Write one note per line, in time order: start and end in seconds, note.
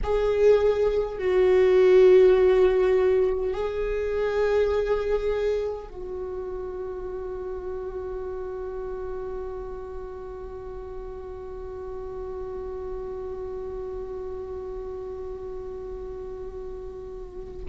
0.03 1.18 G#4
1.18 3.53 F#4
3.53 5.88 G#4
5.88 17.64 F#4